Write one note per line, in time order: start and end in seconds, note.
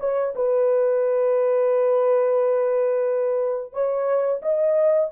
0.00 0.34 C#5
0.35 3.73 B4
3.73 4.41 C#5
4.42 5.10 D#5